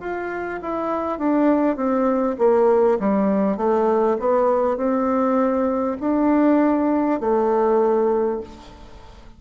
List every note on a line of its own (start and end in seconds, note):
0.00 0.60 F4
0.62 1.19 E4
1.19 1.76 D4
1.76 2.36 C4
2.38 2.98 A#3
2.99 3.57 G3
3.57 4.17 A3
4.19 4.77 B3
4.77 5.97 C4
6.00 7.20 D4
7.21 8.41 A3